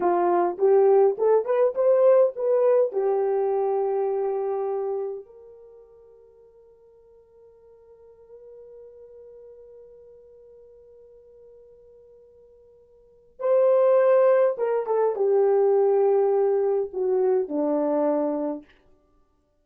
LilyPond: \new Staff \with { instrumentName = "horn" } { \time 4/4 \tempo 4 = 103 f'4 g'4 a'8 b'8 c''4 | b'4 g'2.~ | g'4 ais'2.~ | ais'1~ |
ais'1~ | ais'2. c''4~ | c''4 ais'8 a'8 g'2~ | g'4 fis'4 d'2 | }